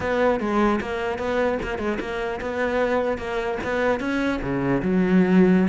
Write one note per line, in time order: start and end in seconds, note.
0.00 0.40 B3
0.40 0.80 G#3
0.80 1.18 A#3
1.18 1.58 B3
1.63 1.78 A#3
1.78 1.98 G#3
2.00 2.40 A#3
2.40 3.17 B3
3.17 3.57 A#3
3.63 4.00 B3
4.00 4.40 C#4
4.41 4.81 C#3
4.82 5.68 F#3